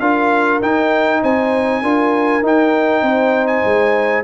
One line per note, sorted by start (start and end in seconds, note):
0.00 0.61 D4
0.00 0.62 F4
0.00 1.22 A#4
0.00 0.61 F5
0.61 1.22 D#4
0.61 1.83 D#4
0.61 1.23 G5
1.22 1.82 C4
1.22 1.82 C5
1.22 2.45 G#5
1.82 2.42 D4
1.82 2.42 F4
1.82 3.03 A#4
2.42 3.02 D#4
2.42 4.24 D#4
2.42 3.47 G5
3.02 3.62 C4
3.02 4.24 C5
3.47 4.22 G#5
3.64 4.24 G#3